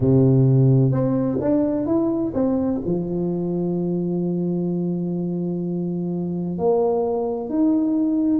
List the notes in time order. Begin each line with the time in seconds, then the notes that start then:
0.00 C3
0.91 C4
1.41 D4
1.86 E4
2.34 C4
2.85 F3
6.58 A#3
7.49 D#4